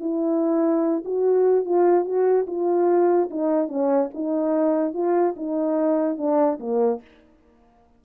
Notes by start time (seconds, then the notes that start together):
0.00 E4
1.04 F#4
1.65 F4
2.04 F#4
2.47 F4
3.30 D#4
3.68 C#4
4.14 D#4
4.93 F4
5.36 D#4
6.17 D4
6.59 A#3